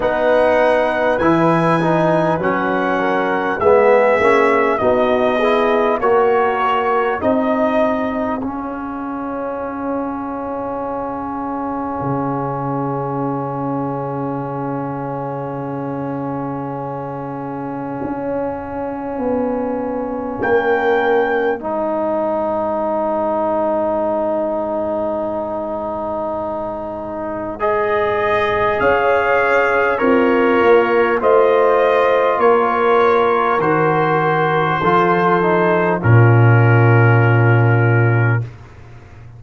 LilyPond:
<<
  \new Staff \with { instrumentName = "trumpet" } { \time 4/4 \tempo 4 = 50 fis''4 gis''4 fis''4 e''4 | dis''4 cis''4 dis''4 f''4~ | f''1~ | f''1~ |
f''4 g''4 gis''2~ | gis''2. dis''4 | f''4 cis''4 dis''4 cis''4 | c''2 ais'2 | }
  \new Staff \with { instrumentName = "horn" } { \time 4/4 b'2~ b'8 ais'8 gis'4 | fis'8 gis'8 ais'4 gis'2~ | gis'1~ | gis'1~ |
gis'4 ais'4 c''2~ | c''1 | cis''4 f'4 c''4 ais'4~ | ais'4 a'4 f'2 | }
  \new Staff \with { instrumentName = "trombone" } { \time 4/4 dis'4 e'8 dis'8 cis'4 b8 cis'8 | dis'8 e'8 fis'4 dis'4 cis'4~ | cis'1~ | cis'1~ |
cis'2 dis'2~ | dis'2. gis'4~ | gis'4 ais'4 f'2 | fis'4 f'8 dis'8 cis'2 | }
  \new Staff \with { instrumentName = "tuba" } { \time 4/4 b4 e4 fis4 gis8 ais8 | b4 ais4 c'4 cis'4~ | cis'2 cis2~ | cis2. cis'4 |
b4 ais4 gis2~ | gis1 | cis'4 c'8 ais8 a4 ais4 | dis4 f4 ais,2 | }
>>